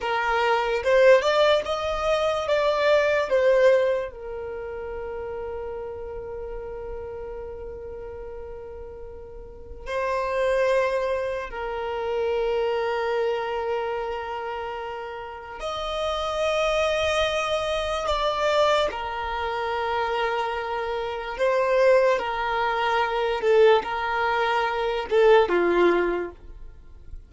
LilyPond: \new Staff \with { instrumentName = "violin" } { \time 4/4 \tempo 4 = 73 ais'4 c''8 d''8 dis''4 d''4 | c''4 ais'2.~ | ais'1 | c''2 ais'2~ |
ais'2. dis''4~ | dis''2 d''4 ais'4~ | ais'2 c''4 ais'4~ | ais'8 a'8 ais'4. a'8 f'4 | }